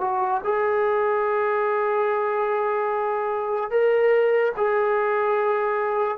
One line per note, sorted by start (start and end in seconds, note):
0.00 0.41 F#4
0.44 3.70 G#4
3.70 4.52 A#4
4.57 6.17 G#4